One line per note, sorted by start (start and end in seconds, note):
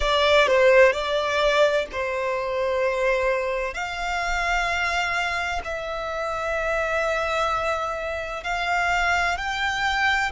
0.00 0.47 D5
0.47 0.92 C5
0.92 1.86 D5
1.91 3.73 C5
3.73 5.61 F5
5.64 8.43 E5
8.43 9.37 F5
9.37 10.31 G5